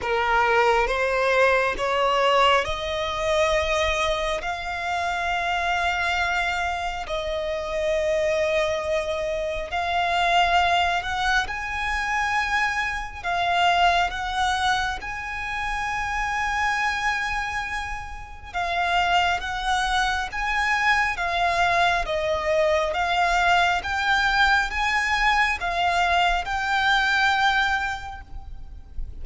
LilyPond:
\new Staff \with { instrumentName = "violin" } { \time 4/4 \tempo 4 = 68 ais'4 c''4 cis''4 dis''4~ | dis''4 f''2. | dis''2. f''4~ | f''8 fis''8 gis''2 f''4 |
fis''4 gis''2.~ | gis''4 f''4 fis''4 gis''4 | f''4 dis''4 f''4 g''4 | gis''4 f''4 g''2 | }